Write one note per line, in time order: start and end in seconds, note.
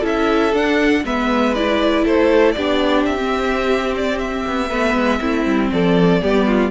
0.00 0.54 C#4
0.00 0.53 E4
0.00 1.01 A4
0.00 0.55 E5
0.54 1.04 D4
0.54 1.06 F#5
1.04 2.05 G#3
1.04 1.56 B3
1.04 2.05 B4
1.04 1.55 E5
1.55 2.57 E4
1.55 2.06 D5
2.05 2.56 A3
2.05 2.55 A4
2.05 2.53 C5
2.53 3.06 B3
2.53 3.18 D4
2.53 4.69 G4
2.53 3.03 D5
3.06 4.44 C4
3.06 3.95 E5
3.18 4.70 C4
3.97 4.19 D5
4.19 5.70 E5
4.47 4.71 B3
4.69 4.95 A3
4.69 5.20 B3
4.69 5.20 B4
4.95 5.20 G#3
5.20 5.46 A3
5.20 6.21 C4
5.20 5.72 E4
5.46 5.71 G3
5.72 6.23 F3
5.72 6.22 A4
5.72 6.71 D5
6.22 6.71 G3
6.22 6.71 B3
6.22 6.47 G4
6.47 6.71 F4